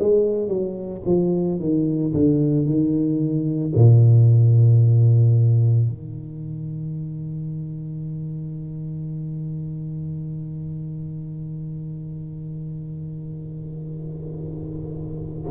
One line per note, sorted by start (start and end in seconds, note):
0.00 0.48 G#3
0.48 1.02 F#3
1.06 1.60 F3
1.60 2.13 D#3
2.14 2.66 D3
2.66 3.74 D#3
3.75 5.88 A#2
5.88 15.52 D#3